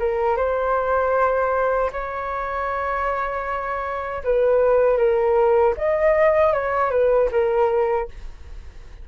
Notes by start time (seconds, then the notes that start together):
0.00 A#4
0.37 C5
1.93 C#5
4.24 B4
4.98 A#4
5.78 D#5
6.53 C#5
6.91 B4
7.32 A#4